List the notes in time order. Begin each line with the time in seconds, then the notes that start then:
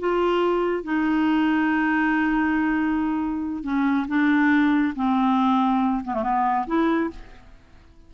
0.00 F4
0.84 D#4
3.64 C#4
4.08 D4
4.96 C4
6.05 B3
6.15 A3
6.24 B3
6.67 E4